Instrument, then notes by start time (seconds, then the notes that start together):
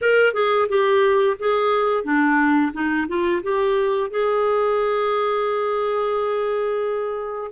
clarinet
0.01 A#4
0.33 G#4
0.68 G4
1.39 G#4
2.04 D4
2.73 D#4
3.07 F4
3.42 G4
4.10 G#4